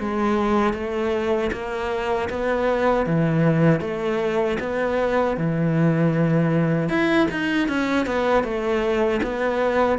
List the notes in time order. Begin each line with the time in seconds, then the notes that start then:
0.00 G#3
0.73 A3
1.52 A#3
2.30 B3
3.06 E3
3.81 A3
4.60 B3
5.37 E3
6.89 E4
7.31 D#4
7.68 C#4
8.06 B3
8.44 A3
9.23 B3